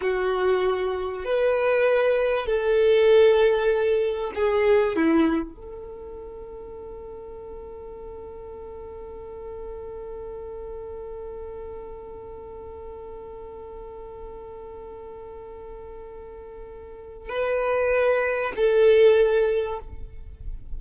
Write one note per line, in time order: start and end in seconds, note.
0.01 1.24 F#4
1.24 2.45 B4
2.45 4.31 A4
4.34 4.95 G#4
4.95 5.54 E4
5.54 17.29 A4
17.29 18.53 B4
18.56 19.79 A4